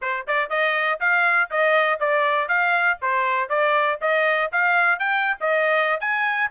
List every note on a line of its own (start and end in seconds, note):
0.01 0.26 C5
0.27 0.49 D5
0.49 0.99 D#5
1.00 1.50 F5
1.50 1.99 D#5
1.99 2.48 D5
2.48 2.98 F5
3.01 3.49 C5
3.49 3.99 D5
4.01 4.51 D#5
4.51 4.99 F5
4.99 5.36 G5
5.40 6.00 D#5
6.00 6.50 G#5